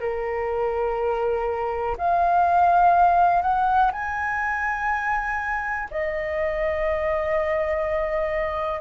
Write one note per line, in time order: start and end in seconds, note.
0.00 1.97 A#4
1.98 3.42 F5
3.42 3.92 F#5
3.92 5.89 G#5
5.91 8.81 D#5